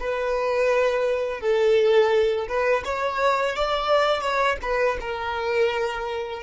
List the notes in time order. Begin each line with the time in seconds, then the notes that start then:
0.00 B4
1.41 A4
2.48 B4
2.85 C#5
3.56 D5
4.21 C#5
4.62 B4
5.01 A#4